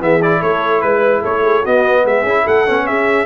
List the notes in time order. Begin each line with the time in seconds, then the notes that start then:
0.00 E3 B3 G#4 E5
0.22 E4 D5
0.40 A3 A4 C#5
0.81 G#3 B4
1.21 A3 A4 C#5
1.43 G#4
1.62 B3 F#4 D#5
2.05 G#3 G#4 E5
2.23 C#4 E4
2.43 A3 A4 F#5
2.66 B3 C#4
2.87 C#4 G#4 E5